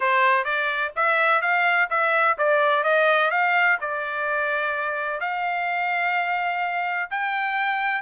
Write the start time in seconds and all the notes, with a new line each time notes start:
0.00 C5
0.44 D5
0.96 E5
1.41 F5
1.90 E5
2.38 D5
2.83 D#5
3.30 F5
3.80 D5
5.20 F5
7.10 G5